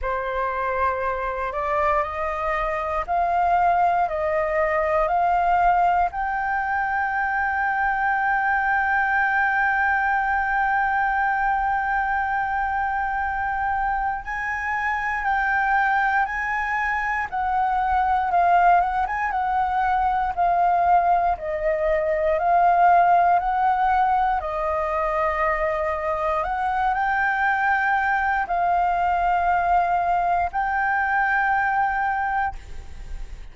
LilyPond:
\new Staff \with { instrumentName = "flute" } { \time 4/4 \tempo 4 = 59 c''4. d''8 dis''4 f''4 | dis''4 f''4 g''2~ | g''1~ | g''2 gis''4 g''4 |
gis''4 fis''4 f''8 fis''16 gis''16 fis''4 | f''4 dis''4 f''4 fis''4 | dis''2 fis''8 g''4. | f''2 g''2 | }